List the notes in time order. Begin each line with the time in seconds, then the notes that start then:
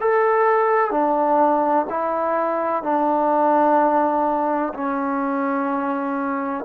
0.00 A4
0.90 D4
1.89 E4
2.82 D4
4.74 C#4